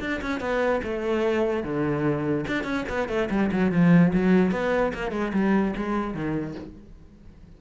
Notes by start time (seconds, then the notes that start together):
0.00 D4
0.21 C#4
0.40 B3
0.83 A3
1.63 D3
2.47 D4
2.64 C#4
2.89 B3
3.08 A3
3.30 G3
3.51 F#3
3.72 F3
4.13 F#3
4.51 B3
4.94 A#3
5.11 G#3
5.33 G3
5.76 G#3
6.14 D#3